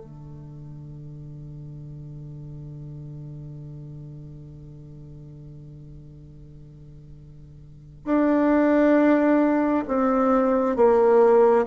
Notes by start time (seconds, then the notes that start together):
0.00 D3
8.05 D4
9.88 C4
10.76 A#3